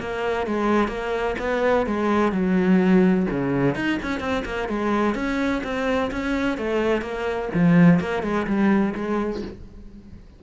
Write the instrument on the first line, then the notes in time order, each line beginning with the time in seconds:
cello
0.00 A#3
0.47 G#3
0.88 A#3
1.39 B3
1.87 G#3
2.32 F#3
3.30 C#3
3.75 D#4
4.03 C#4
4.20 C4
4.45 A#3
4.69 G#3
5.15 C#4
5.64 C4
6.11 C#4
6.58 A3
7.02 A#3
7.54 F3
8.00 A#3
8.23 G#3
8.47 G3
8.95 G#3